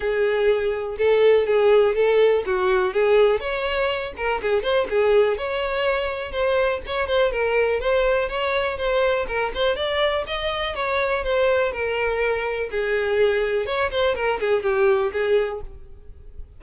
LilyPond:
\new Staff \with { instrumentName = "violin" } { \time 4/4 \tempo 4 = 123 gis'2 a'4 gis'4 | a'4 fis'4 gis'4 cis''4~ | cis''8 ais'8 gis'8 c''8 gis'4 cis''4~ | cis''4 c''4 cis''8 c''8 ais'4 |
c''4 cis''4 c''4 ais'8 c''8 | d''4 dis''4 cis''4 c''4 | ais'2 gis'2 | cis''8 c''8 ais'8 gis'8 g'4 gis'4 | }